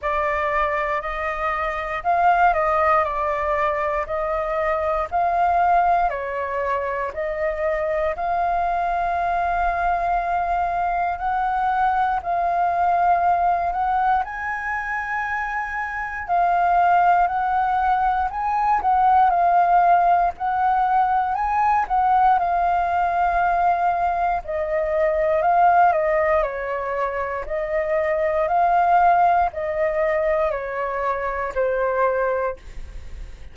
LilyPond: \new Staff \with { instrumentName = "flute" } { \time 4/4 \tempo 4 = 59 d''4 dis''4 f''8 dis''8 d''4 | dis''4 f''4 cis''4 dis''4 | f''2. fis''4 | f''4. fis''8 gis''2 |
f''4 fis''4 gis''8 fis''8 f''4 | fis''4 gis''8 fis''8 f''2 | dis''4 f''8 dis''8 cis''4 dis''4 | f''4 dis''4 cis''4 c''4 | }